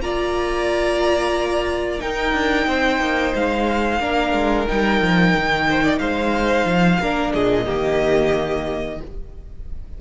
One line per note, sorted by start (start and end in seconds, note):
0.00 2.00 A#3
0.00 1.99 F4
0.00 2.01 D5
0.00 2.00 A#5
1.99 3.99 D#4
1.99 2.33 D#4
1.99 2.68 A#4
1.99 3.34 G5
2.33 2.66 D4
2.67 3.00 C4
2.67 4.01 C5
3.00 3.33 A#3
3.35 4.00 G#3
3.35 4.68 F5
4.00 4.33 A#3
4.00 4.67 D4
4.00 5.67 A#4
4.33 4.66 G#3
4.68 5.01 G3
4.68 7.02 D#4
4.68 5.99 G5
5.01 5.34 F3
5.37 6.00 D#3
5.69 5.83 C5
5.83 6.00 D5
5.99 6.65 G#3
5.99 7.00 C5
5.99 7.32 F5
6.65 6.98 F3
7.00 7.35 A#3
7.00 7.65 D4
7.00 7.33 A#4
7.34 7.68 A#2
7.34 7.67 G#4
7.34 9.01 D#5
7.65 9.01 D#3
7.65 8.99 A#3
7.65 9.00 G4